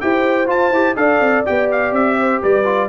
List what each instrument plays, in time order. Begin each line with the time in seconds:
0.00 tuba E4, trombone G4, horn C5, trumpet G5
0.46 trombone F4, tuba F4, trumpet A5
0.70 tuba E4, trombone G4
0.96 tuba D4, trombone A4, horn D5, trumpet F5
1.19 tuba C4
1.45 tuba B3, trombone G4, trumpet G5
1.71 trumpet F5
1.92 tuba C4, trumpet E5
2.19 horn C5
2.42 tuba G3, horn B4, trumpet D5
2.64 trombone F4